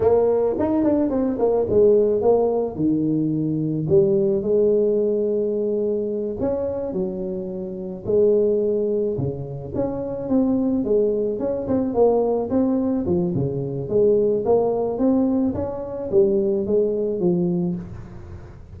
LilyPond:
\new Staff \with { instrumentName = "tuba" } { \time 4/4 \tempo 4 = 108 ais4 dis'8 d'8 c'8 ais8 gis4 | ais4 dis2 g4 | gis2.~ gis8 cis'8~ | cis'8 fis2 gis4.~ |
gis8 cis4 cis'4 c'4 gis8~ | gis8 cis'8 c'8 ais4 c'4 f8 | cis4 gis4 ais4 c'4 | cis'4 g4 gis4 f4 | }